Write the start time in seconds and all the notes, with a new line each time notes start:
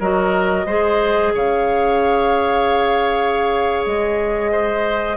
0.00 F#3 F#4 A#4 D#5
0.66 G#3 G#4 C5
1.35 C#3 C#5 F5
3.85 G#3 D#5
4.52 C5